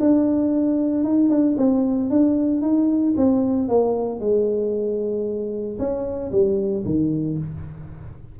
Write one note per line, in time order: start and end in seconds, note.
0.00 1.04 D4
1.04 1.29 D#4
1.29 1.56 D4
1.57 2.10 C4
2.10 2.61 D4
2.61 3.14 D#4
3.17 3.68 C4
3.68 4.20 A#3
4.20 5.78 G#3
5.79 6.31 C#4
6.32 6.84 G3
6.85 7.38 D#3